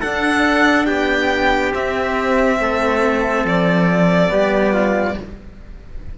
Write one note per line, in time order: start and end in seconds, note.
0.00 1.72 D4
0.00 0.87 D4
0.00 0.86 A4
0.00 0.86 F#5
0.86 1.73 B3
0.86 2.58 G4
0.86 1.71 G5
1.72 4.28 C4
1.72 2.59 C4
1.72 3.46 E5
2.59 3.44 A3
2.59 4.32 A4
3.44 4.30 F3
3.44 5.18 D5
4.28 5.17 G3
4.28 5.14 B3
4.28 4.73 G4
4.73 5.16 F4